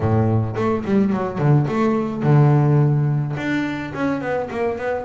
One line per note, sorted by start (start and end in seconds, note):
0.00 0.54 A2
0.56 0.84 A3
0.85 1.12 G3
1.12 1.38 F#3
1.38 1.66 D3
1.67 2.23 A3
2.23 3.35 D3
3.36 3.92 D4
3.94 4.21 C#4
4.21 4.49 B3
4.50 4.78 A#3
4.78 5.05 B3